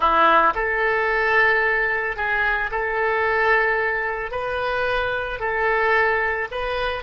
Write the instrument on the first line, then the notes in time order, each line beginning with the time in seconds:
oboe
0.00 E4
0.54 A4
2.16 G#4
2.71 A4
4.31 B4
5.39 A4
6.51 B4